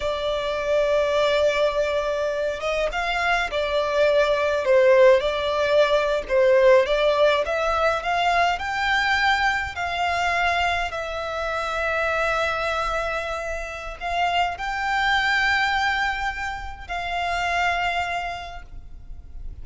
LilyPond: \new Staff \with { instrumentName = "violin" } { \time 4/4 \tempo 4 = 103 d''1~ | d''8 dis''8 f''4 d''2 | c''4 d''4.~ d''16 c''4 d''16~ | d''8. e''4 f''4 g''4~ g''16~ |
g''8. f''2 e''4~ e''16~ | e''1 | f''4 g''2.~ | g''4 f''2. | }